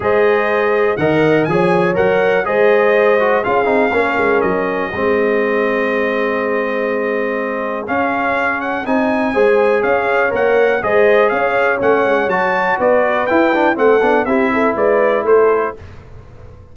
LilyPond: <<
  \new Staff \with { instrumentName = "trumpet" } { \time 4/4 \tempo 4 = 122 dis''2 fis''4 gis''4 | fis''4 dis''2 f''4~ | f''4 dis''2.~ | dis''1 |
f''4. fis''8 gis''2 | f''4 fis''4 dis''4 f''4 | fis''4 a''4 d''4 g''4 | fis''4 e''4 d''4 c''4 | }
  \new Staff \with { instrumentName = "horn" } { \time 4/4 c''2 dis''4 cis''4~ | cis''4 c''2 gis'4 | ais'2 gis'2~ | gis'1~ |
gis'2. c''4 | cis''2 c''4 cis''4~ | cis''2 b'2 | a'4 g'8 a'8 b'4 a'4 | }
  \new Staff \with { instrumentName = "trombone" } { \time 4/4 gis'2 ais'4 gis'4 | ais'4 gis'4. fis'8 f'8 dis'8 | cis'2 c'2~ | c'1 |
cis'2 dis'4 gis'4~ | gis'4 ais'4 gis'2 | cis'4 fis'2 e'8 d'8 | c'8 d'8 e'2. | }
  \new Staff \with { instrumentName = "tuba" } { \time 4/4 gis2 dis4 f4 | fis4 gis2 cis'8 c'8 | ais8 gis8 fis4 gis2~ | gis1 |
cis'2 c'4 gis4 | cis'4 ais4 gis4 cis'4 | a8 gis8 fis4 b4 e'4 | a8 b8 c'4 gis4 a4 | }
>>